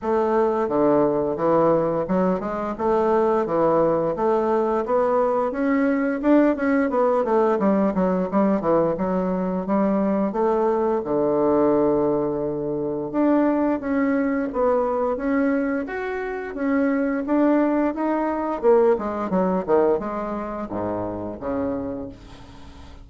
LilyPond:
\new Staff \with { instrumentName = "bassoon" } { \time 4/4 \tempo 4 = 87 a4 d4 e4 fis8 gis8 | a4 e4 a4 b4 | cis'4 d'8 cis'8 b8 a8 g8 fis8 | g8 e8 fis4 g4 a4 |
d2. d'4 | cis'4 b4 cis'4 fis'4 | cis'4 d'4 dis'4 ais8 gis8 | fis8 dis8 gis4 gis,4 cis4 | }